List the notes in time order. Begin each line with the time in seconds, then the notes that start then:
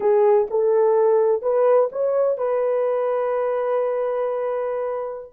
0.00 G#4
0.50 A4
1.42 B4
1.92 C#5
2.37 B4